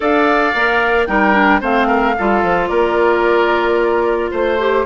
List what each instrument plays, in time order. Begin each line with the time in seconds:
0.00 bassoon D4, clarinet A4, oboe D5, flute F5
0.54 bassoon A#3, clarinet A#4
1.06 bassoon G3, clarinet D#4, oboe A#4, flute G5
1.33 clarinet D4
1.60 bassoon A3, clarinet C4, oboe C5, flute F5
1.87 oboe A#4
2.18 bassoon G3, clarinet F4, oboe A4
2.43 bassoon F3
2.67 bassoon A#3, oboe A#4, flute D5
4.30 bassoon A3, oboe C5, flute C5
4.59 clarinet G4